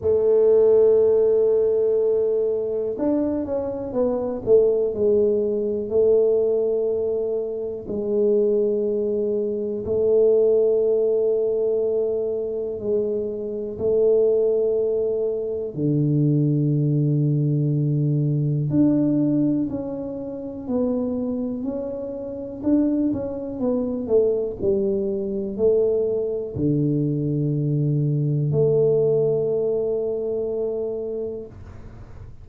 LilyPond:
\new Staff \with { instrumentName = "tuba" } { \time 4/4 \tempo 4 = 61 a2. d'8 cis'8 | b8 a8 gis4 a2 | gis2 a2~ | a4 gis4 a2 |
d2. d'4 | cis'4 b4 cis'4 d'8 cis'8 | b8 a8 g4 a4 d4~ | d4 a2. | }